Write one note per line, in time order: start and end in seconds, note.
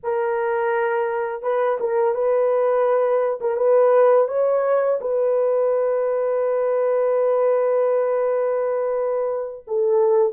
0.03 1.42 A#4
1.42 1.78 B4
1.80 2.14 A#4
2.14 3.39 B4
3.41 3.56 A#4
3.56 4.28 B4
4.28 4.99 C#5
5.00 9.65 B4
9.67 10.32 A4